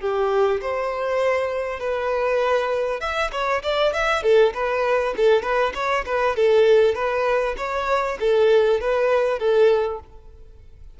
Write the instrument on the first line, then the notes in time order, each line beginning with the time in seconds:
violin
0.00 G4
0.61 C5
1.79 B4
3.01 E5
3.32 C#5
3.63 D5
3.93 E5
4.23 A4
4.54 B4
5.17 A4
5.42 B4
5.74 C#5
6.06 B4
6.36 A4
6.94 B4
7.57 C#5
8.20 A4
8.80 B4
9.39 A4